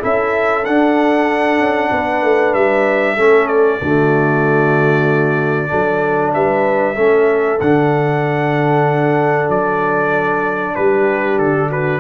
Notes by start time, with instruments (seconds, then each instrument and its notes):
0.00 tuba C#4, trombone E4, horn A4, trumpet E5
0.65 trombone D4, tuba D4, trumpet F#5
1.59 tuba C#4
1.91 tuba B3, horn B4
2.23 tuba A3
2.54 tuba G3, trumpet E5
3.15 tuba A3, trombone C#4, horn A4
3.47 trumpet D5
3.82 tuba D3, trombone A3, horn F#4
5.68 tuba F#3, trombone D4, horn A4
6.34 tuba G3, horn B4, trumpet E5
6.95 tuba A3, trombone C#4, horn A4
7.60 tuba D3, trombone D4, trumpet F#5
9.49 tuba F#3, trumpet D5
10.75 tuba G3, horn G4, trumpet B4
11.38 tuba D3, trumpet A4
11.69 horn F#4, trumpet B4